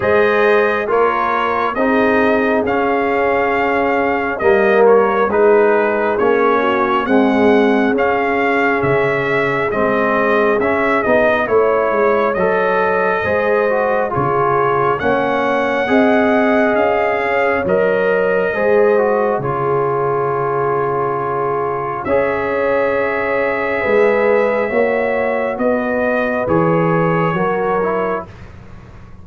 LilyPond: <<
  \new Staff \with { instrumentName = "trumpet" } { \time 4/4 \tempo 4 = 68 dis''4 cis''4 dis''4 f''4~ | f''4 dis''8 cis''8 b'4 cis''4 | fis''4 f''4 e''4 dis''4 | e''8 dis''8 cis''4 dis''2 |
cis''4 fis''2 f''4 | dis''2 cis''2~ | cis''4 e''2.~ | e''4 dis''4 cis''2 | }
  \new Staff \with { instrumentName = "horn" } { \time 4/4 c''4 ais'4 gis'2~ | gis'4 ais'4 gis'4. fis'8 | gis'1~ | gis'4 cis''2 c''4 |
gis'4 cis''4 dis''4. cis''8~ | cis''4 c''4 gis'2~ | gis'4 cis''2 b'4 | cis''4 b'2 ais'4 | }
  \new Staff \with { instrumentName = "trombone" } { \time 4/4 gis'4 f'4 dis'4 cis'4~ | cis'4 ais4 dis'4 cis'4 | gis4 cis'2 c'4 | cis'8 dis'8 e'4 a'4 gis'8 fis'8 |
f'4 cis'4 gis'2 | ais'4 gis'8 fis'8 f'2~ | f'4 gis'2. | fis'2 gis'4 fis'8 e'8 | }
  \new Staff \with { instrumentName = "tuba" } { \time 4/4 gis4 ais4 c'4 cis'4~ | cis'4 g4 gis4 ais4 | c'4 cis'4 cis4 gis4 | cis'8 b8 a8 gis8 fis4 gis4 |
cis4 ais4 c'4 cis'4 | fis4 gis4 cis2~ | cis4 cis'2 gis4 | ais4 b4 e4 fis4 | }
>>